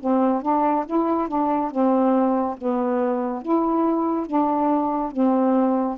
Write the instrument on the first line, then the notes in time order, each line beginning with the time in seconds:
saxophone
0.00 C4
0.42 D4
0.86 E4
1.28 D4
1.71 C4
2.58 B3
3.42 E4
4.27 D4
5.12 C4